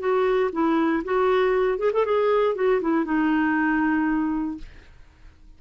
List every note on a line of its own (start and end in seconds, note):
0.00 0.51 F#4
0.53 1.04 E4
1.05 1.79 F#4
1.79 1.92 G#4
1.93 2.05 A4
2.05 2.56 G#4
2.56 2.81 F#4
2.82 3.05 E4
3.05 4.58 D#4